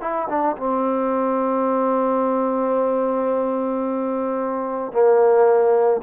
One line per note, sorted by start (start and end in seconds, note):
0.00 0.27 E4
0.29 0.56 D4
0.57 4.92 C4
4.92 6.01 A#3